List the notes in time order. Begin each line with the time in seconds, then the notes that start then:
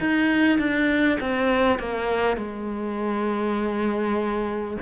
0.00 D#4
0.58 D4
1.20 C4
1.79 A#3
2.37 G#3